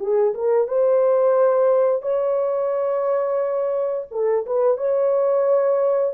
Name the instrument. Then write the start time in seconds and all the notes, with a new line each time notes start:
horn
0.00 G#4
0.34 A#4
0.68 C5
2.03 C#5
4.11 A4
4.46 B4
4.78 C#5